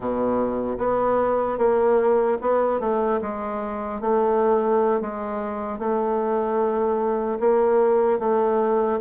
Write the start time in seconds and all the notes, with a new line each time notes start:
0.00 B2
0.77 B3
1.57 A#3
2.41 B3
2.80 A3
3.21 G#3
4.00 A3
5.00 G#3
5.78 A3
7.39 A#3
8.19 A3